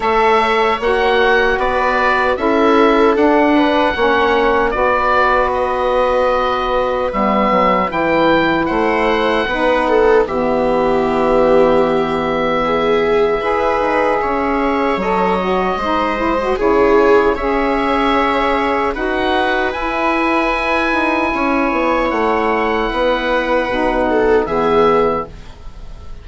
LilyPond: <<
  \new Staff \with { instrumentName = "oboe" } { \time 4/4 \tempo 4 = 76 e''4 fis''4 d''4 e''4 | fis''2 d''4 dis''4~ | dis''4 e''4 g''4 fis''4~ | fis''4 e''2.~ |
e''2. dis''4~ | dis''4 cis''4 e''2 | fis''4 gis''2. | fis''2. e''4 | }
  \new Staff \with { instrumentName = "viola" } { \time 4/4 cis''2 b'4 a'4~ | a'8 b'8 cis''4 b'2~ | b'2. c''4 | b'8 a'8 g'2. |
gis'4 b'4 cis''2 | c''4 gis'4 cis''2 | b'2. cis''4~ | cis''4 b'4. a'8 gis'4 | }
  \new Staff \with { instrumentName = "saxophone" } { \time 4/4 a'4 fis'2 e'4 | d'4 cis'4 fis'2~ | fis'4 b4 e'2 | dis'4 b2.~ |
b4 gis'2 a'8 fis'8 | dis'8 e'16 fis'16 e'4 gis'2 | fis'4 e'2.~ | e'2 dis'4 b4 | }
  \new Staff \with { instrumentName = "bassoon" } { \time 4/4 a4 ais4 b4 cis'4 | d'4 ais4 b2~ | b4 g8 fis8 e4 a4 | b4 e2.~ |
e4 e'8 dis'8 cis'4 fis4 | gis4 cis4 cis'2 | dis'4 e'4. dis'8 cis'8 b8 | a4 b4 b,4 e4 | }
>>